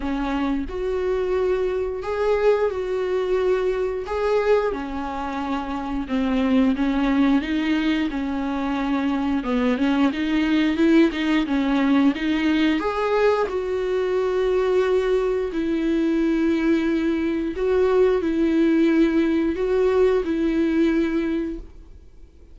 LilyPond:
\new Staff \with { instrumentName = "viola" } { \time 4/4 \tempo 4 = 89 cis'4 fis'2 gis'4 | fis'2 gis'4 cis'4~ | cis'4 c'4 cis'4 dis'4 | cis'2 b8 cis'8 dis'4 |
e'8 dis'8 cis'4 dis'4 gis'4 | fis'2. e'4~ | e'2 fis'4 e'4~ | e'4 fis'4 e'2 | }